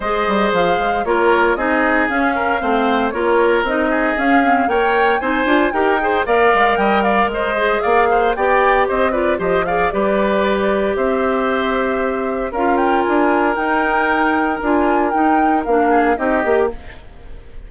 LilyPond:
<<
  \new Staff \with { instrumentName = "flute" } { \time 4/4 \tempo 4 = 115 dis''4 f''4 cis''4 dis''4 | f''2 cis''4 dis''4 | f''4 g''4 gis''4 g''4 | f''4 g''8 f''8 dis''4 f''4 |
g''4 dis''8 d''8 dis''8 f''8 d''4~ | d''4 e''2. | f''8 g''8 gis''4 g''2 | gis''4 g''4 f''4 dis''4 | }
  \new Staff \with { instrumentName = "oboe" } { \time 4/4 c''2 ais'4 gis'4~ | gis'8 ais'8 c''4 ais'4. gis'8~ | gis'4 cis''4 c''4 ais'8 c''8 | d''4 dis''8 d''8 c''4 d''8 c''8 |
d''4 c''8 b'8 c''8 d''8 b'4~ | b'4 c''2. | ais'1~ | ais'2~ ais'8 gis'8 g'4 | }
  \new Staff \with { instrumentName = "clarinet" } { \time 4/4 gis'2 f'4 dis'4 | cis'4 c'4 f'4 dis'4 | cis'8 c'8 ais'4 dis'8 f'8 g'8 gis'8 | ais'2~ ais'8 gis'4. |
g'4. f'8 g'8 gis'8 g'4~ | g'1 | f'2 dis'2 | f'4 dis'4 d'4 dis'8 g'8 | }
  \new Staff \with { instrumentName = "bassoon" } { \time 4/4 gis8 g8 f8 gis8 ais4 c'4 | cis'4 a4 ais4 c'4 | cis'4 ais4 c'8 d'8 dis'4 | ais8 gis8 g4 gis4 ais4 |
b4 c'4 f4 g4~ | g4 c'2. | cis'4 d'4 dis'2 | d'4 dis'4 ais4 c'8 ais8 | }
>>